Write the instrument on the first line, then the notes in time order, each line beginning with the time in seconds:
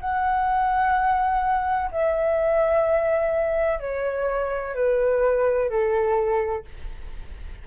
flute
0.00 F#5
1.91 E5
3.79 C#5
4.74 B4
5.69 A4